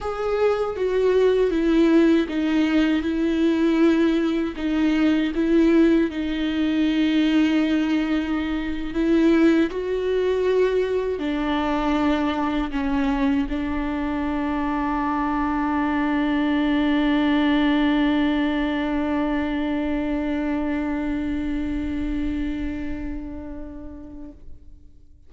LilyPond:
\new Staff \with { instrumentName = "viola" } { \time 4/4 \tempo 4 = 79 gis'4 fis'4 e'4 dis'4 | e'2 dis'4 e'4 | dis'2.~ dis'8. e'16~ | e'8. fis'2 d'4~ d'16~ |
d'8. cis'4 d'2~ d'16~ | d'1~ | d'1~ | d'1 | }